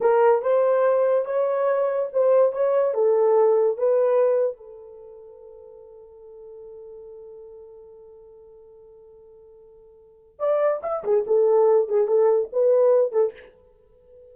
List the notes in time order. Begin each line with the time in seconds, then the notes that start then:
0.00 A#4
0.42 C5
1.25 C#5
2.12 C5
2.52 C#5
2.94 A4
3.77 B4
4.56 A4
10.39 D5
10.82 E5
11.04 G#4
11.27 A4
11.88 G#4
12.07 A4
12.52 B4
13.12 A4